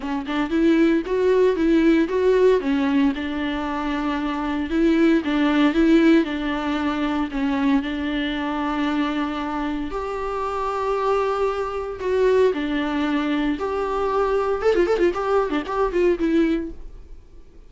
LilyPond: \new Staff \with { instrumentName = "viola" } { \time 4/4 \tempo 4 = 115 cis'8 d'8 e'4 fis'4 e'4 | fis'4 cis'4 d'2~ | d'4 e'4 d'4 e'4 | d'2 cis'4 d'4~ |
d'2. g'4~ | g'2. fis'4 | d'2 g'2 | a'16 f'16 a'16 f'16 g'8. d'16 g'8 f'8 e'4 | }